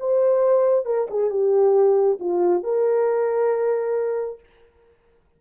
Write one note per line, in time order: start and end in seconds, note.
0.00 0.86 C5
0.86 1.08 A#4
1.10 1.30 G#4
1.30 2.19 G4
2.20 2.64 F4
2.64 4.40 A#4